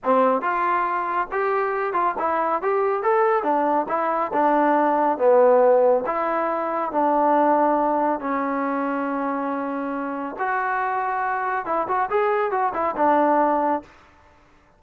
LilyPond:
\new Staff \with { instrumentName = "trombone" } { \time 4/4 \tempo 4 = 139 c'4 f'2 g'4~ | g'8 f'8 e'4 g'4 a'4 | d'4 e'4 d'2 | b2 e'2 |
d'2. cis'4~ | cis'1 | fis'2. e'8 fis'8 | gis'4 fis'8 e'8 d'2 | }